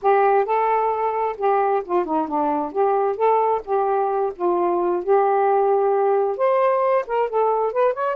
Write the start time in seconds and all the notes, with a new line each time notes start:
0.01 G4
0.45 A4
1.37 G4
1.84 F4
2.05 D#4
2.28 D4
2.71 G4
3.16 A4
3.64 G4
4.35 F4
5.03 G4
6.37 C5
7.06 A#4
7.29 A4
7.72 B4
7.93 C#5